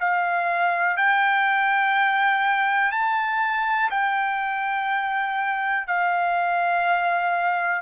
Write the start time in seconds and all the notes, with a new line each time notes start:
0.00 F5
0.97 G5
2.92 A5
3.90 G5
5.87 F5